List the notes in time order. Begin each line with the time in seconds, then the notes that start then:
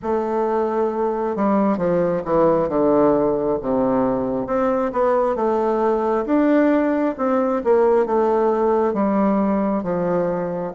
0.02 A3
1.36 G3
1.77 F3
2.24 E3
2.68 D3
3.61 C3
4.46 C4
4.92 B3
5.35 A3
6.25 D4
7.17 C4
7.64 A#3
8.06 A3
8.93 G3
9.83 F3